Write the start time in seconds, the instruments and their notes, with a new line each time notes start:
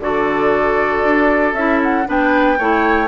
0.00 bassoon D3, clarinet F#4, oboe A4, flute D5
1.03 bassoon D4
1.53 bassoon C#4, clarinet E4, flute E5
1.82 flute F#5
2.05 bassoon B3, clarinet D4, oboe B4, flute G5
2.58 bassoon A3, clarinet E4, oboe C#5